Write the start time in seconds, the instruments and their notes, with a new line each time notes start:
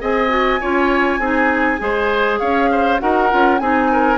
0.00 bassoon C4, clarinet G#4, oboe D#5, flute G#5
0.29 clarinet F#4
0.60 bassoon C#4, clarinet F4, oboe C#5
1.19 bassoon C4, clarinet D#4, oboe G#4
1.78 bassoon G#3, clarinet G#4, oboe C5
2.39 bassoon C#4, oboe C#5, flute F5
2.71 oboe C5
2.99 bassoon D#4, clarinet F#4, oboe A#4, flute F#5
3.30 bassoon C#4, clarinet F4
3.58 bassoon C4, clarinet D#4, oboe G#4, flute G#5
3.92 oboe A#4